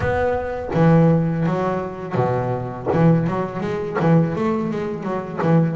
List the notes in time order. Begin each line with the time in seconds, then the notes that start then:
0.00 B3
0.74 E3
1.46 F#3
2.14 B2
2.92 E3
3.26 F#3
3.60 G#3
3.99 E3
4.35 A3
4.70 G#3
5.03 F#3
5.42 E3